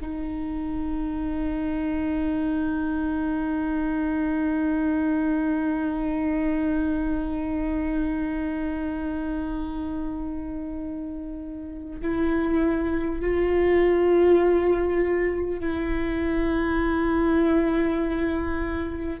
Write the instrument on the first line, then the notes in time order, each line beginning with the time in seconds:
viola
0.00 D#4
12.01 E4
13.21 F4
15.60 E4